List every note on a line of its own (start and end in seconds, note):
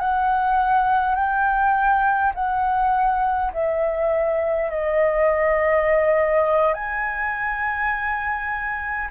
0.00 1.15 F#5
1.15 2.33 G5
2.35 3.52 F#5
3.53 4.70 E5
4.70 6.74 D#5
6.74 9.09 G#5